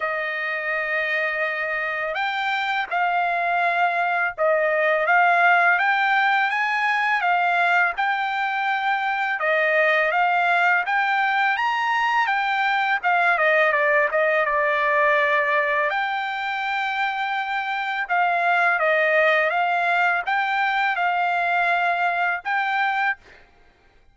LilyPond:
\new Staff \with { instrumentName = "trumpet" } { \time 4/4 \tempo 4 = 83 dis''2. g''4 | f''2 dis''4 f''4 | g''4 gis''4 f''4 g''4~ | g''4 dis''4 f''4 g''4 |
ais''4 g''4 f''8 dis''8 d''8 dis''8 | d''2 g''2~ | g''4 f''4 dis''4 f''4 | g''4 f''2 g''4 | }